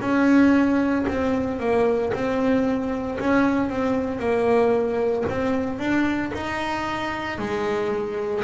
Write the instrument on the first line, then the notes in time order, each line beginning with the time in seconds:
double bass
0.00 C#4
1.08 C4
1.59 A#3
2.13 C4
3.20 C#4
3.69 C4
4.19 A#3
5.29 C4
5.78 D4
6.33 D#4
7.38 G#3